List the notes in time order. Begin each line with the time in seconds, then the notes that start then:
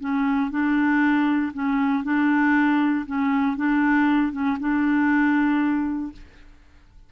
0.00 C#4
0.50 D4
1.53 C#4
2.03 D4
3.06 C#4
3.56 D4
4.32 C#4
4.59 D4